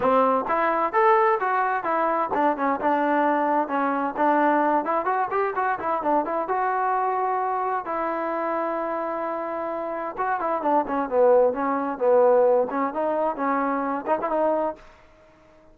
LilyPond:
\new Staff \with { instrumentName = "trombone" } { \time 4/4 \tempo 4 = 130 c'4 e'4 a'4 fis'4 | e'4 d'8 cis'8 d'2 | cis'4 d'4. e'8 fis'8 g'8 | fis'8 e'8 d'8 e'8 fis'2~ |
fis'4 e'2.~ | e'2 fis'8 e'8 d'8 cis'8 | b4 cis'4 b4. cis'8 | dis'4 cis'4. dis'16 e'16 dis'4 | }